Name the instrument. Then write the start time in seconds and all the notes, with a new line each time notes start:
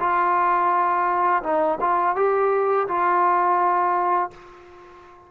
trombone
0.00 F4
1.43 D#4
1.81 F4
2.16 G4
2.88 F4